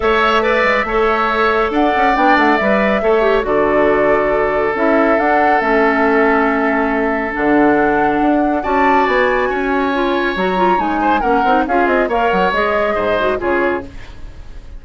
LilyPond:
<<
  \new Staff \with { instrumentName = "flute" } { \time 4/4 \tempo 4 = 139 e''1 | fis''4 g''8 fis''8 e''2 | d''2. e''4 | fis''4 e''2.~ |
e''4 fis''2. | a''4 gis''2. | ais''4 gis''4 fis''4 f''8 dis''8 | f''8 fis''8 dis''2 cis''4 | }
  \new Staff \with { instrumentName = "oboe" } { \time 4/4 cis''4 d''4 cis''2 | d''2. cis''4 | a'1~ | a'1~ |
a'1 | d''2 cis''2~ | cis''4. c''8 ais'4 gis'4 | cis''2 c''4 gis'4 | }
  \new Staff \with { instrumentName = "clarinet" } { \time 4/4 a'4 b'4 a'2~ | a'4 d'4 b'4 a'8 g'8 | fis'2. e'4 | d'4 cis'2.~ |
cis'4 d'2. | fis'2. f'4 | fis'8 f'8 dis'4 cis'8 dis'8 f'4 | ais'4 gis'4. fis'8 f'4 | }
  \new Staff \with { instrumentName = "bassoon" } { \time 4/4 a4. gis8 a2 | d'8 cis'8 b8 a8 g4 a4 | d2. cis'4 | d'4 a2.~ |
a4 d2 d'4 | cis'4 b4 cis'2 | fis4 gis4 ais8 c'8 cis'8 c'8 | ais8 fis8 gis4 gis,4 cis4 | }
>>